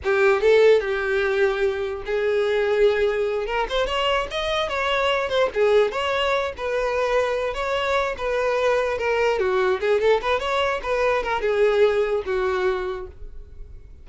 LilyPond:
\new Staff \with { instrumentName = "violin" } { \time 4/4 \tempo 4 = 147 g'4 a'4 g'2~ | g'4 gis'2.~ | gis'8 ais'8 c''8 cis''4 dis''4 cis''8~ | cis''4 c''8 gis'4 cis''4. |
b'2~ b'8 cis''4. | b'2 ais'4 fis'4 | gis'8 a'8 b'8 cis''4 b'4 ais'8 | gis'2 fis'2 | }